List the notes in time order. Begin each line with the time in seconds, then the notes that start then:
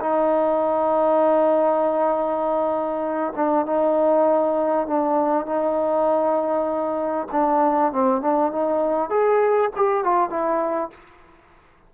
0.00 D#4
3.36 D4
3.65 D#4
4.87 D4
5.45 D#4
7.31 D4
7.92 C4
8.21 D4
8.52 D#4
9.09 G#4
9.75 G4
10.04 F4
10.29 E4